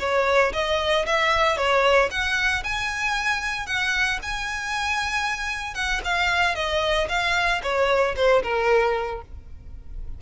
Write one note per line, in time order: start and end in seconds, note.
0.00 0.53 C#5
0.53 1.06 D#5
1.06 1.57 E5
1.57 2.10 C#5
2.11 2.63 F#5
2.64 3.67 G#5
3.67 4.19 F#5
4.23 5.75 G#5
5.75 6.01 F#5
6.05 6.55 F5
6.55 7.08 D#5
7.09 7.62 F5
7.63 8.16 C#5
8.16 8.42 C5
8.43 9.22 A#4